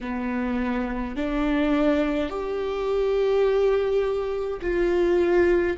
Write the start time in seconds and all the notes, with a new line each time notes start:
0.00 B3
1.15 D4
2.29 G4
4.62 F4